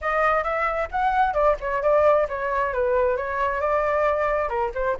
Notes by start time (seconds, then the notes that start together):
0.01 D#5
0.43 E5
0.91 F#5
1.33 D5
1.60 C#5
1.82 D5
2.28 C#5
2.73 B4
3.16 C#5
3.60 D5
4.49 A#4
4.74 C5